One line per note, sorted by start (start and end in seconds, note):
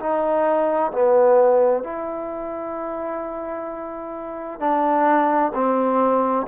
0.00 0.92 D#4
0.92 1.84 B3
1.84 4.60 E4
4.60 5.52 D4
5.55 6.47 C4